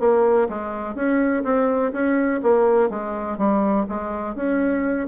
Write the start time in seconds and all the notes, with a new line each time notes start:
0.00 A#3
0.49 G#3
0.95 C#4
1.44 C4
1.93 C#4
2.43 A#3
2.90 G#3
3.38 G3
3.89 G#3
4.36 C#4